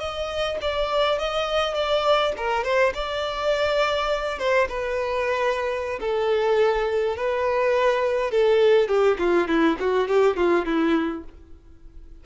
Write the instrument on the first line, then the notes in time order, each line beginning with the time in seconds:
violin
0.00 D#5
0.62 D5
1.19 D#5
1.74 D5
2.37 A#4
2.64 C5
2.94 D5
4.39 C5
4.69 B4
6.01 A4
7.17 B4
8.31 A4
8.88 G4
9.19 F4
9.48 E4
9.80 F#4
10.08 G4
10.37 F4
10.66 E4